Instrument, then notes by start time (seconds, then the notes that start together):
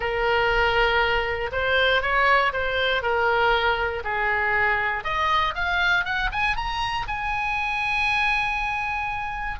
oboe
0.00 A#4
1.51 C5
2.01 C#5
2.53 C5
3.02 A#4
4.04 G#4
5.04 D#5
5.54 F5
6.04 F#5
6.32 G#5
6.56 A#5
7.07 G#5